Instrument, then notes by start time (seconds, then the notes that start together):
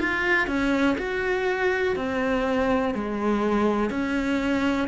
cello
0.00 F4
0.47 C#4
0.98 F#4
1.97 C4
2.95 G#3
3.90 C#4